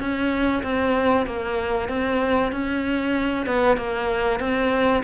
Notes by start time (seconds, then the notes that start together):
0.00 C#4
0.64 C4
1.27 A#3
1.89 C4
2.52 C#4
3.47 B3
3.78 A#3
4.40 C4